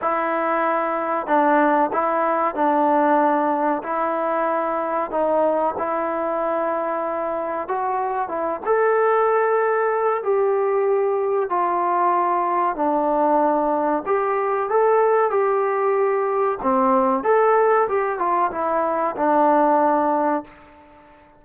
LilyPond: \new Staff \with { instrumentName = "trombone" } { \time 4/4 \tempo 4 = 94 e'2 d'4 e'4 | d'2 e'2 | dis'4 e'2. | fis'4 e'8 a'2~ a'8 |
g'2 f'2 | d'2 g'4 a'4 | g'2 c'4 a'4 | g'8 f'8 e'4 d'2 | }